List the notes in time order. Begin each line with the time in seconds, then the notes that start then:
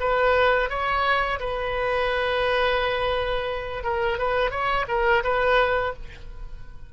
0.00 B4
0.70 C#5
1.40 B4
3.84 A#4
4.19 B4
4.51 C#5
4.88 A#4
5.24 B4